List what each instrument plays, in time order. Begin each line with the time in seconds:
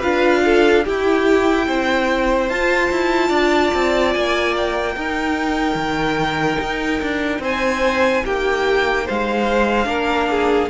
0.00 cello D4, viola F4, violin B4 F5
0.45 violin A4
0.85 viola E4, cello E4, violin G4 G5
1.67 cello C4, violin C5
2.49 cello F4, viola F4, violin A5
2.91 cello E4
3.29 cello D4, violin D5
3.75 cello C4
4.14 cello A#3, violin G#5
4.57 violin G5
4.95 viola D#4, cello D#4, violin A#4
5.75 cello D#3
6.61 cello D#4
7.02 cello D4
7.40 cello C4, violin C5 G#5
8.25 cello A#3, violin G4 G5
9.06 cello G#3, violin C5 F5
9.85 cello A#3, viola D4, violin A#4
10.30 violin G#4